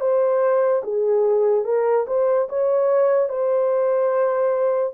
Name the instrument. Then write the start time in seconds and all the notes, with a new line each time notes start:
horn
0.00 C5
0.83 G#4
1.65 A#4
2.07 C5
2.49 C#5
3.29 C5